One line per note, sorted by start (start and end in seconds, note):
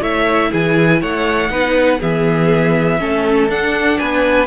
0.00 0.51 A3
0.00 1.49 E4
0.00 0.50 C#5
0.00 0.53 E5
0.51 1.03 E3
0.51 1.00 G#4
0.51 1.02 G#5
1.01 1.50 A3
1.01 1.51 C#5
1.01 2.02 F#5
1.50 2.00 B3
1.50 1.99 D#4
1.50 2.00 B4
2.00 3.01 E3
2.00 2.99 B3
2.00 2.99 G#4
2.00 3.51 E5
2.99 3.49 A3
2.99 3.49 C#4
2.99 4.00 A4
3.49 3.99 D4
3.49 4.47 D4
3.49 3.99 F#5
3.99 4.47 B3
3.99 4.47 B4
3.99 4.47 G#5